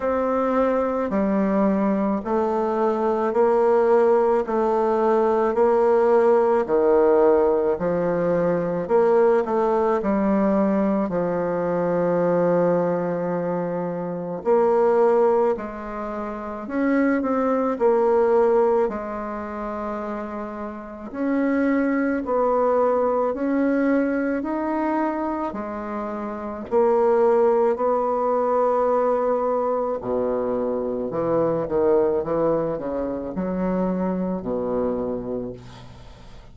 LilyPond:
\new Staff \with { instrumentName = "bassoon" } { \time 4/4 \tempo 4 = 54 c'4 g4 a4 ais4 | a4 ais4 dis4 f4 | ais8 a8 g4 f2~ | f4 ais4 gis4 cis'8 c'8 |
ais4 gis2 cis'4 | b4 cis'4 dis'4 gis4 | ais4 b2 b,4 | e8 dis8 e8 cis8 fis4 b,4 | }